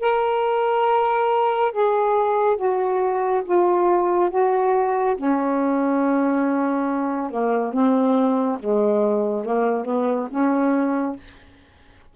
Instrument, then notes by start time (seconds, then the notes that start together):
saxophone
0.00 A#4
1.71 G#4
2.57 F#4
3.45 F4
4.31 F#4
5.17 C#4
7.31 A#3
7.73 C4
8.59 G#3
9.45 A#3
9.85 B3
10.30 C#4